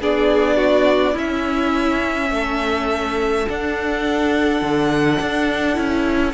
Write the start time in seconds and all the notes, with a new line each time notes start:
0.00 B3 D4 G#4 D5
0.57 F#4
1.13 C#4 E4 E5
2.30 A3 A4
3.48 D4 F#5
4.61 D3
5.20 D4
5.74 C#4 E4